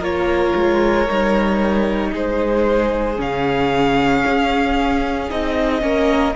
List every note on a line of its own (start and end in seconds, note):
0.00 0.53 A#3
0.00 1.07 F4
0.00 2.11 A#4
0.00 2.14 C#5
0.56 1.09 G#3
1.09 2.14 G3
1.09 3.16 D#4
2.13 3.19 G#3
2.13 5.81 G#4
2.13 3.21 C5
3.16 4.24 C#3
3.16 5.27 C#4
3.16 5.31 F5
4.27 5.31 C#4
5.30 5.82 C4
5.30 5.81 D#4
5.30 6.36 D#5
5.81 6.35 A#3
5.81 6.34 C#4
5.81 6.36 A#4